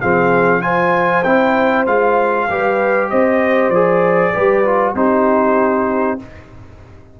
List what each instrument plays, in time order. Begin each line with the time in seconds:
0.00 tuba F3, trombone C4, horn G#4, trumpet F5
0.61 trombone F4, horn C5, trumpet G#5
1.23 tuba C4, trombone E4, trumpet G5
1.86 tuba G#3, trombone F4, trumpet F5
2.49 tuba G3, trombone G4, horn B4
3.10 tuba C4, horn C5, trumpet D#5
3.69 tuba F3, trombone G#4, trumpet D5
4.33 tuba G3, trombone G4, horn B4
4.65 trombone F4
4.94 tuba C4, trombone D#4, horn G4, trumpet C5